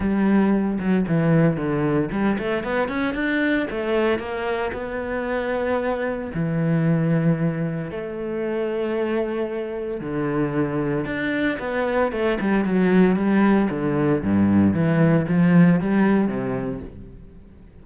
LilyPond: \new Staff \with { instrumentName = "cello" } { \time 4/4 \tempo 4 = 114 g4. fis8 e4 d4 | g8 a8 b8 cis'8 d'4 a4 | ais4 b2. | e2. a4~ |
a2. d4~ | d4 d'4 b4 a8 g8 | fis4 g4 d4 g,4 | e4 f4 g4 c4 | }